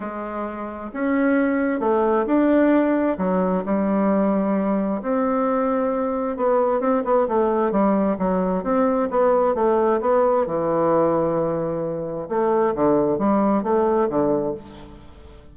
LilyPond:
\new Staff \with { instrumentName = "bassoon" } { \time 4/4 \tempo 4 = 132 gis2 cis'2 | a4 d'2 fis4 | g2. c'4~ | c'2 b4 c'8 b8 |
a4 g4 fis4 c'4 | b4 a4 b4 e4~ | e2. a4 | d4 g4 a4 d4 | }